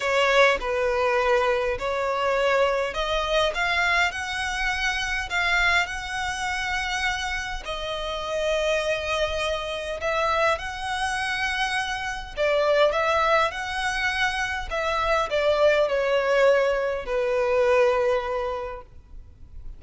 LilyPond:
\new Staff \with { instrumentName = "violin" } { \time 4/4 \tempo 4 = 102 cis''4 b'2 cis''4~ | cis''4 dis''4 f''4 fis''4~ | fis''4 f''4 fis''2~ | fis''4 dis''2.~ |
dis''4 e''4 fis''2~ | fis''4 d''4 e''4 fis''4~ | fis''4 e''4 d''4 cis''4~ | cis''4 b'2. | }